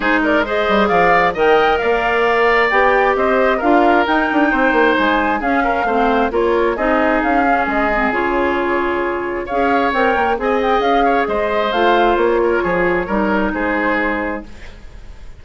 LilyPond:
<<
  \new Staff \with { instrumentName = "flute" } { \time 4/4 \tempo 4 = 133 c''8 d''8 dis''4 f''4 g''4 | f''2 g''4 dis''4 | f''4 g''2 gis''4 | f''2 cis''4 dis''4 |
f''4 dis''4 cis''2~ | cis''4 f''4 g''4 gis''8 g''8 | f''4 dis''4 f''4 cis''4~ | cis''2 c''2 | }
  \new Staff \with { instrumentName = "oboe" } { \time 4/4 gis'8 ais'8 c''4 d''4 dis''4 | d''2. c''4 | ais'2 c''2 | gis'8 ais'8 c''4 ais'4 gis'4~ |
gis'1~ | gis'4 cis''2 dis''4~ | dis''8 cis''8 c''2~ c''8 ais'8 | gis'4 ais'4 gis'2 | }
  \new Staff \with { instrumentName = "clarinet" } { \time 4/4 dis'4 gis'2 ais'4~ | ais'2 g'2 | f'4 dis'2. | cis'4 c'4 f'4 dis'4~ |
dis'8 cis'4 c'8 f'2~ | f'4 gis'4 ais'4 gis'4~ | gis'2 f'2~ | f'4 dis'2. | }
  \new Staff \with { instrumentName = "bassoon" } { \time 4/4 gis4. g8 f4 dis4 | ais2 b4 c'4 | d'4 dis'8 d'8 c'8 ais8 gis4 | cis'4 a4 ais4 c'4 |
cis'4 gis4 cis2~ | cis4 cis'4 c'8 ais8 c'4 | cis'4 gis4 a4 ais4 | f4 g4 gis2 | }
>>